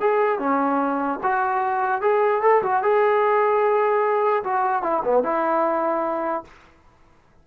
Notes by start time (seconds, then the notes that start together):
0.00 G#4
0.39 C#4
1.23 F#4
2.01 G#4
2.42 A4
2.63 F#4
2.82 G#4
4.44 F#4
4.83 E4
5.04 B3
5.23 E4